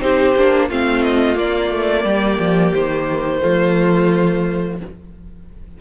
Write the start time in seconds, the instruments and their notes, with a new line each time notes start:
0.00 cello C4, viola D#4, violin G4 C5
0.35 cello A#3, viola D4
0.68 cello A3, viola C4, violin F4 F5
1.03 violin D#5
1.35 viola A#3, cello A#3, violin D5
1.70 cello A3
2.04 cello G3, violin G4
2.39 cello F3
2.73 cello D#3, violin C5
3.40 cello F3, viola A3, violin F4